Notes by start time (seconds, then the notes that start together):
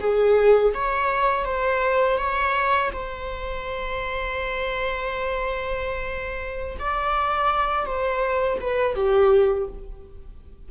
0.00 G#4
0.75 C#5
1.44 C5
2.17 C#5
2.93 C5
6.79 D5
7.86 C5
8.61 B4
8.95 G4